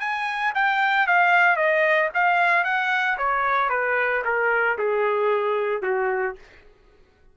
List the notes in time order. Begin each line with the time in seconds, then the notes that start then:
0.00 G#5
0.55 G5
1.07 F5
1.56 D#5
2.14 F5
2.65 F#5
3.18 C#5
3.70 B4
4.25 A#4
4.79 G#4
5.82 F#4